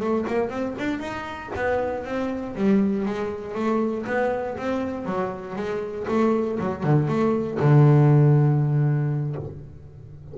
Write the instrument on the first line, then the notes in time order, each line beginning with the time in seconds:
double bass
0.00 A3
0.28 A#3
0.50 C4
0.79 D4
0.99 D#4
1.56 B3
2.05 C4
2.55 G3
3.05 G#3
3.55 A3
4.07 B3
4.57 C4
5.05 F#3
5.56 G#3
6.08 A3
6.60 F#3
6.83 D3
7.08 A3
7.60 D3